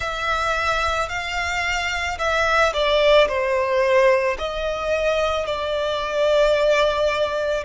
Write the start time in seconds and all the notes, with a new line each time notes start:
0.00 E5
1.09 F5
2.18 E5
2.73 D5
3.27 C5
4.38 D#5
5.45 D5